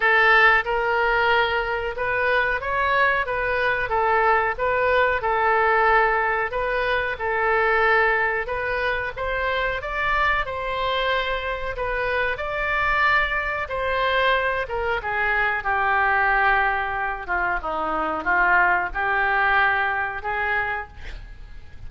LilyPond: \new Staff \with { instrumentName = "oboe" } { \time 4/4 \tempo 4 = 92 a'4 ais'2 b'4 | cis''4 b'4 a'4 b'4 | a'2 b'4 a'4~ | a'4 b'4 c''4 d''4 |
c''2 b'4 d''4~ | d''4 c''4. ais'8 gis'4 | g'2~ g'8 f'8 dis'4 | f'4 g'2 gis'4 | }